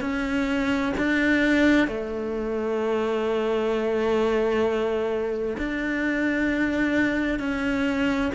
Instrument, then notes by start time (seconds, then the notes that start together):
cello
0.00 C#4
0.97 D4
1.87 A3
5.57 D4
7.39 C#4